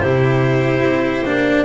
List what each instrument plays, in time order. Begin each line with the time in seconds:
0.00 double bass C3, cello E4, violin G4, clarinet C5
0.82 double bass C4
1.25 double bass A#3, cello D4